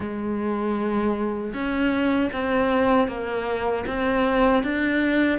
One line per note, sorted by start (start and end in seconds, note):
0.00 1.53 G#3
1.53 2.30 C#4
2.33 3.08 C4
3.08 3.85 A#3
3.86 4.63 C4
4.63 5.38 D4